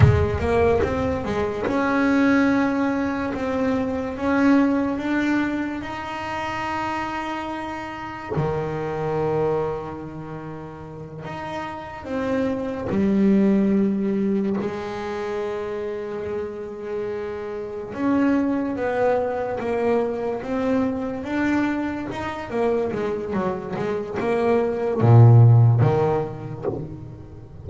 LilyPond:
\new Staff \with { instrumentName = "double bass" } { \time 4/4 \tempo 4 = 72 gis8 ais8 c'8 gis8 cis'2 | c'4 cis'4 d'4 dis'4~ | dis'2 dis2~ | dis4. dis'4 c'4 g8~ |
g4. gis2~ gis8~ | gis4. cis'4 b4 ais8~ | ais8 c'4 d'4 dis'8 ais8 gis8 | fis8 gis8 ais4 ais,4 dis4 | }